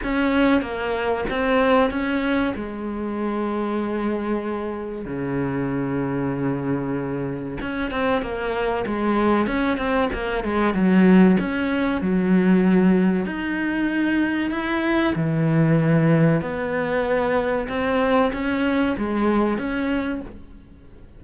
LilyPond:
\new Staff \with { instrumentName = "cello" } { \time 4/4 \tempo 4 = 95 cis'4 ais4 c'4 cis'4 | gis1 | cis1 | cis'8 c'8 ais4 gis4 cis'8 c'8 |
ais8 gis8 fis4 cis'4 fis4~ | fis4 dis'2 e'4 | e2 b2 | c'4 cis'4 gis4 cis'4 | }